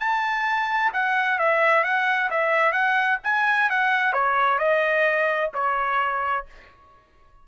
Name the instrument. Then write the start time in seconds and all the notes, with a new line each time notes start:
trumpet
0.00 A5
0.93 F#5
1.39 E5
1.84 F#5
2.30 E5
2.72 F#5
3.23 G#5
3.70 F#5
4.13 C#5
4.59 D#5
5.54 C#5